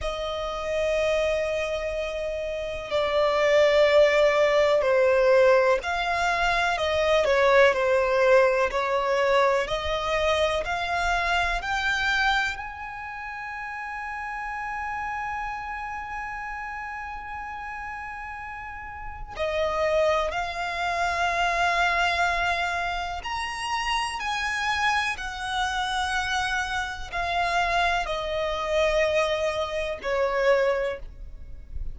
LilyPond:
\new Staff \with { instrumentName = "violin" } { \time 4/4 \tempo 4 = 62 dis''2. d''4~ | d''4 c''4 f''4 dis''8 cis''8 | c''4 cis''4 dis''4 f''4 | g''4 gis''2.~ |
gis''1 | dis''4 f''2. | ais''4 gis''4 fis''2 | f''4 dis''2 cis''4 | }